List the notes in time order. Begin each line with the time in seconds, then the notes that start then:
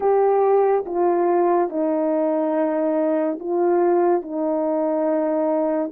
0.00 G4
0.85 F4
1.69 D#4
3.39 F4
4.22 D#4